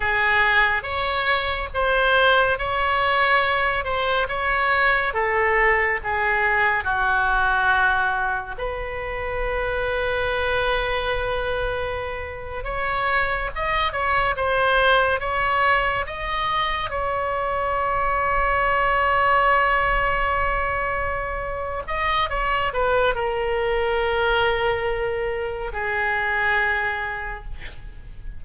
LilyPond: \new Staff \with { instrumentName = "oboe" } { \time 4/4 \tempo 4 = 70 gis'4 cis''4 c''4 cis''4~ | cis''8 c''8 cis''4 a'4 gis'4 | fis'2 b'2~ | b'2~ b'8. cis''4 dis''16~ |
dis''16 cis''8 c''4 cis''4 dis''4 cis''16~ | cis''1~ | cis''4. dis''8 cis''8 b'8 ais'4~ | ais'2 gis'2 | }